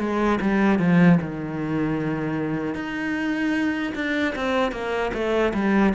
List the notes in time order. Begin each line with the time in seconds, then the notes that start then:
0.00 G#3
0.42 G3
0.79 F3
1.22 D#3
2.75 D#4
3.95 D4
4.36 C4
4.72 A#3
5.14 A3
5.54 G3